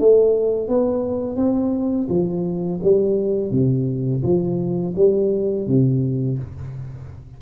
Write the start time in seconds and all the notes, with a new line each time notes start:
0.00 A3
0.69 B3
1.37 C4
2.09 F3
2.83 G3
3.52 C3
4.23 F3
4.96 G3
5.68 C3